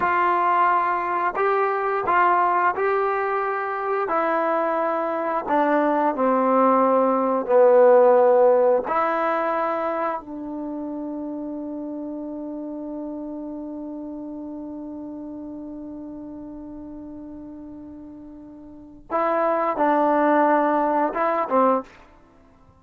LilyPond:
\new Staff \with { instrumentName = "trombone" } { \time 4/4 \tempo 4 = 88 f'2 g'4 f'4 | g'2 e'2 | d'4 c'2 b4~ | b4 e'2 d'4~ |
d'1~ | d'1~ | d'1 | e'4 d'2 e'8 c'8 | }